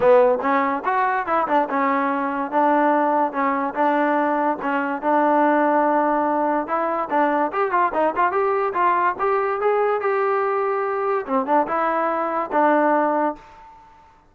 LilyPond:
\new Staff \with { instrumentName = "trombone" } { \time 4/4 \tempo 4 = 144 b4 cis'4 fis'4 e'8 d'8 | cis'2 d'2 | cis'4 d'2 cis'4 | d'1 |
e'4 d'4 g'8 f'8 dis'8 f'8 | g'4 f'4 g'4 gis'4 | g'2. c'8 d'8 | e'2 d'2 | }